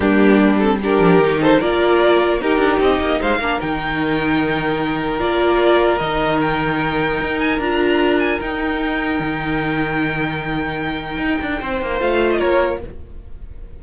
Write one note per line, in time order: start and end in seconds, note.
0.00 0.99 G3
0.00 0.60 A#3
0.00 0.78 D4
0.00 0.58 G4
0.58 0.80 C4
0.58 0.78 A4
0.81 1.22 D4
0.81 1.40 G4
0.81 1.42 A#4
0.99 1.18 F3
1.18 1.58 D#3
1.18 1.60 D#4
1.40 1.59 A4
1.40 1.61 C5
1.59 2.41 A#3
1.59 2.40 F4
1.59 2.39 A#4
1.59 2.41 D5
2.40 3.40 D#4
2.40 2.58 D#4
2.40 3.20 G4
2.40 2.81 A#4
2.58 2.78 D4
2.79 2.99 C4
2.79 3.21 D#5
3.00 3.20 A#3
3.20 3.38 G#3
3.20 3.40 C5
3.20 3.61 F5
3.38 3.58 A#3
3.38 3.59 D4
3.38 11.60 A#4
3.59 5.20 D#3
3.59 5.18 D#4
3.59 5.19 G5
5.18 6.00 A#3
5.18 5.98 F4
5.18 5.98 D5
5.98 7.20 D#3
5.98 7.60 D#4
5.98 6.38 D#5
6.41 7.39 G5
7.21 7.58 D#4
7.39 7.59 G#5
7.58 8.38 D4
7.58 8.41 F4
7.58 8.19 A#5
8.19 8.39 G#5
8.41 9.19 D#4
8.41 11.99 D#4
8.41 12.00 G5
9.19 11.17 D#3
11.17 11.37 D#4
11.41 11.61 D4
11.60 11.81 C4
11.60 12.37 C5
11.81 12.01 A#3
11.99 12.41 A3
11.99 12.79 F4
11.99 12.30 F5
12.31 12.39 D#5
12.37 12.83 A#3
12.37 12.77 A#4
12.37 12.79 C#5